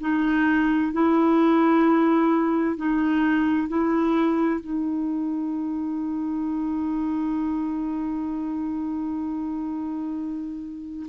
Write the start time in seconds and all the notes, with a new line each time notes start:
0.00 D#4
0.92 E4
2.77 D#4
3.68 E4
4.60 D#4